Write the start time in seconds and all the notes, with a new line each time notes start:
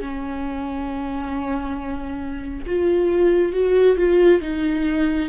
0.00 C#4
2.66 F4
3.53 F#4
3.97 F4
4.41 D#4